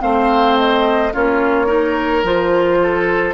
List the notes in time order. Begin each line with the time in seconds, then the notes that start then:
0.00 A3 C4 C5 F5
0.58 D#5
1.13 A#3 C#4 F4 C#5
1.67 D#4 A#4
2.23 F3 F4 C5
2.82 A4